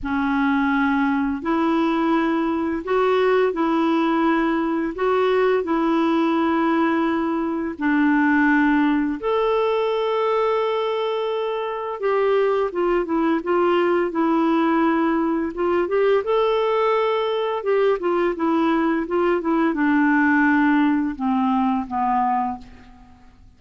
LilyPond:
\new Staff \with { instrumentName = "clarinet" } { \time 4/4 \tempo 4 = 85 cis'2 e'2 | fis'4 e'2 fis'4 | e'2. d'4~ | d'4 a'2.~ |
a'4 g'4 f'8 e'8 f'4 | e'2 f'8 g'8 a'4~ | a'4 g'8 f'8 e'4 f'8 e'8 | d'2 c'4 b4 | }